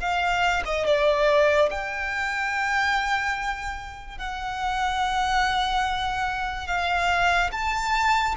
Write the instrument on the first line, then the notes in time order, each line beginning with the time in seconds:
violin
0.00 F5
0.65 D#5
0.86 D5
1.70 G5
4.18 F#5
6.67 F5
7.52 A5